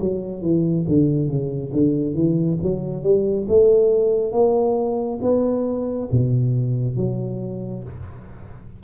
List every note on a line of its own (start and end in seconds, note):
0.00 0.42 F#3
0.42 0.85 E3
0.88 1.28 D3
1.28 1.72 C#3
1.73 2.14 D3
2.14 2.58 E3
2.62 3.03 F#3
3.03 3.47 G3
3.49 4.32 A3
4.32 5.19 A#3
5.22 6.09 B3
6.12 6.97 B2
6.97 7.84 F#3